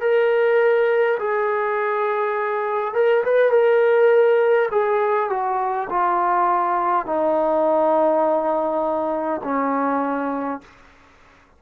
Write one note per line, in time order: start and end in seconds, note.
0.00 1.18 A#4
1.19 2.94 G#4
2.94 3.24 A#4
3.24 3.51 B4
3.51 4.69 A#4
4.71 5.29 G#4
5.29 5.88 F#4
5.89 7.06 F4
7.06 9.41 D#4
9.43 10.61 C#4